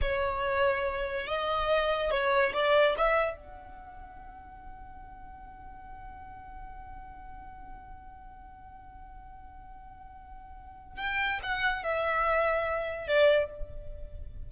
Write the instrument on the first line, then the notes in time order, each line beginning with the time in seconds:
violin
0.01 C#5
1.26 D#5
2.10 C#5
2.53 D5
2.97 E5
3.36 F#5
10.97 G5
11.43 F#5
11.83 E5
13.07 D5